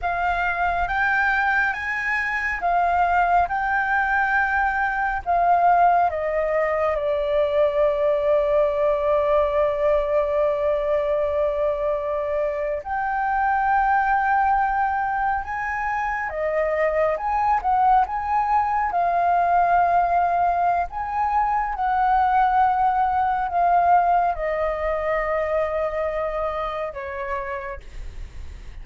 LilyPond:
\new Staff \with { instrumentName = "flute" } { \time 4/4 \tempo 4 = 69 f''4 g''4 gis''4 f''4 | g''2 f''4 dis''4 | d''1~ | d''2~ d''8. g''4~ g''16~ |
g''4.~ g''16 gis''4 dis''4 gis''16~ | gis''16 fis''8 gis''4 f''2~ f''16 | gis''4 fis''2 f''4 | dis''2. cis''4 | }